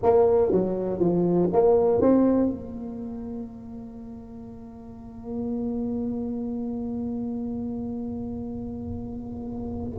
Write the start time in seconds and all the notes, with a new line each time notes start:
0.02 A#3
0.51 F#3
0.99 F3
1.52 A#3
2.01 C4
2.50 A#3